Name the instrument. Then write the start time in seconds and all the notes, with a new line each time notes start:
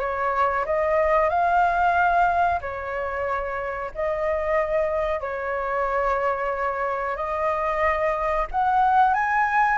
flute
0.00 C#5
0.65 D#5
1.29 F5
2.61 C#5
3.95 D#5
5.21 C#5
7.17 D#5
8.51 F#5
9.14 G#5